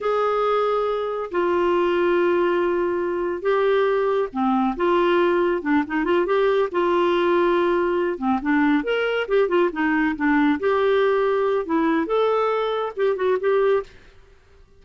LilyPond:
\new Staff \with { instrumentName = "clarinet" } { \time 4/4 \tempo 4 = 139 gis'2. f'4~ | f'1 | g'2 c'4 f'4~ | f'4 d'8 dis'8 f'8 g'4 f'8~ |
f'2. c'8 d'8~ | d'8 ais'4 g'8 f'8 dis'4 d'8~ | d'8 g'2~ g'8 e'4 | a'2 g'8 fis'8 g'4 | }